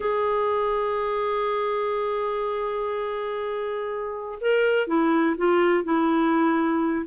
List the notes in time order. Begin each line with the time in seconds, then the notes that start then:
0.00 G#4
4.40 A#4
4.87 E4
5.37 F4
5.84 E4